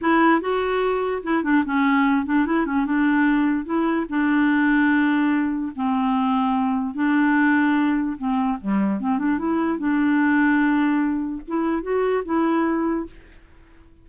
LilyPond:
\new Staff \with { instrumentName = "clarinet" } { \time 4/4 \tempo 4 = 147 e'4 fis'2 e'8 d'8 | cis'4. d'8 e'8 cis'8 d'4~ | d'4 e'4 d'2~ | d'2 c'2~ |
c'4 d'2. | c'4 g4 c'8 d'8 e'4 | d'1 | e'4 fis'4 e'2 | }